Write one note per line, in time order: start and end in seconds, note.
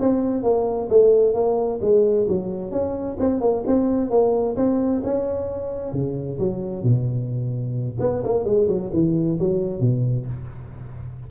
0.00 0.43 C4
0.43 0.89 A#3
0.90 1.34 A3
1.34 1.80 A#3
1.82 2.27 G#3
2.29 2.71 F#3
2.71 3.17 C#4
3.19 3.41 C4
3.41 3.64 A#3
3.67 4.10 C4
4.10 4.56 A#3
4.57 5.02 C4
5.04 5.93 C#4
5.93 6.38 C#3
6.39 6.83 F#3
6.83 7.98 B2
8.00 8.23 B3
8.24 8.45 A#3
8.45 8.68 G#3
8.69 8.91 F#3
8.93 9.39 E3
9.40 9.80 F#3
9.80 10.26 B2